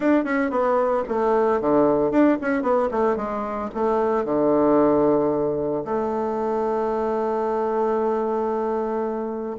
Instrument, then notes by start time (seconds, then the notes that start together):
bassoon
0.00 D4
0.24 C#4
0.50 B3
1.08 A3
1.60 D3
2.11 D4
2.41 C#4
2.62 B3
2.91 A3
3.16 G#3
3.74 A3
4.25 D3
5.84 A3